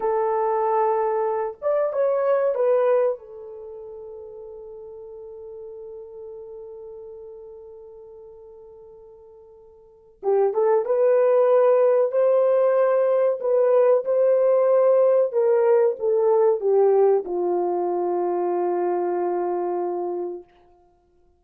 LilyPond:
\new Staff \with { instrumentName = "horn" } { \time 4/4 \tempo 4 = 94 a'2~ a'8 d''8 cis''4 | b'4 a'2.~ | a'1~ | a'1 |
g'8 a'8 b'2 c''4~ | c''4 b'4 c''2 | ais'4 a'4 g'4 f'4~ | f'1 | }